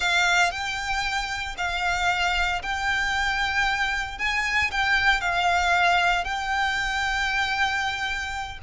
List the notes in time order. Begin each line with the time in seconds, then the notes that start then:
0.00 F5
0.51 G5
1.57 F5
2.62 G5
4.18 G#5
4.71 G5
5.20 F5
6.24 G5